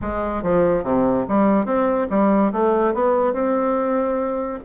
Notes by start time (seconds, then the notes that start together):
0.01 G#3
0.43 F3
0.83 C3
1.28 G3
1.65 C4
2.10 G3
2.52 A3
2.94 B3
3.33 C4